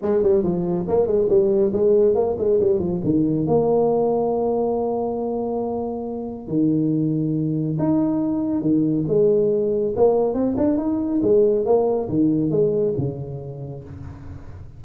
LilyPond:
\new Staff \with { instrumentName = "tuba" } { \time 4/4 \tempo 4 = 139 gis8 g8 f4 ais8 gis8 g4 | gis4 ais8 gis8 g8 f8 dis4 | ais1~ | ais2. dis4~ |
dis2 dis'2 | dis4 gis2 ais4 | c'8 d'8 dis'4 gis4 ais4 | dis4 gis4 cis2 | }